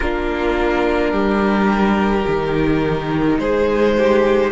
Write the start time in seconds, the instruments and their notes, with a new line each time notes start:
0.00 cello A#3, viola D4, violin F4 A#4
1.12 cello G3, violin G4
2.26 cello D#3, viola D#4
3.38 cello G#3, violin G#4 C5
3.97 violin G4